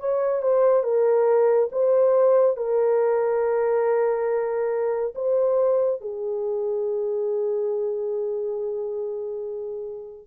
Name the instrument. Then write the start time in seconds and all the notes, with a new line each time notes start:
horn
0.00 C#5
0.42 C5
0.84 A#4
1.72 C5
2.57 A#4
5.16 C5
6.02 G#4